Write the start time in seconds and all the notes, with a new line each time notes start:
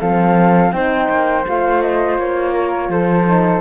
0.00 F3 C4 A4 F5
0.72 C4 D#4 C5 G5
1.09 A#3
1.47 A3 F4 F5
1.82 D#5
2.18 A#3 C#5
2.53 A#4
2.89 F3 A4 C5
3.27 D#4